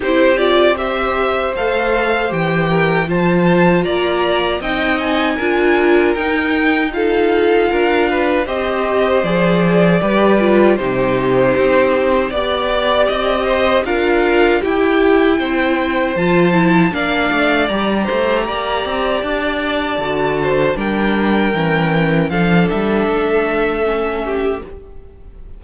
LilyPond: <<
  \new Staff \with { instrumentName = "violin" } { \time 4/4 \tempo 4 = 78 c''8 d''8 e''4 f''4 g''4 | a''4 ais''4 g''8 gis''4. | g''4 f''2 dis''4 | d''2 c''2 |
d''4 dis''4 f''4 g''4~ | g''4 a''4 f''4 ais''4~ | ais''4 a''2 g''4~ | g''4 f''8 e''2~ e''8 | }
  \new Staff \with { instrumentName = "violin" } { \time 4/4 g'4 c''2~ c''8 ais'8 | c''4 d''4 dis''4 ais'4~ | ais'4 a'4 ais'8 b'8 c''4~ | c''4 b'4 g'2 |
d''4. c''8 ais'4 g'4 | c''2 d''4. c''8 | d''2~ d''8 c''8 ais'4~ | ais'4 a'2~ a'8 g'8 | }
  \new Staff \with { instrumentName = "viola" } { \time 4/4 e'8 f'8 g'4 a'4 g'4 | f'2 dis'4 f'4 | dis'4 f'2 g'4 | gis'4 g'8 f'8 dis'2 |
g'2 f'4 e'4~ | e'4 f'8 e'8 d'4 g'4~ | g'2 fis'4 d'4 | cis'4 d'2 cis'4 | }
  \new Staff \with { instrumentName = "cello" } { \time 4/4 c'2 a4 e4 | f4 ais4 c'4 d'4 | dis'2 d'4 c'4 | f4 g4 c4 c'4 |
b4 c'4 d'4 e'4 | c'4 f4 ais8 a8 g8 a8 | ais8 c'8 d'4 d4 g4 | e4 f8 g8 a2 | }
>>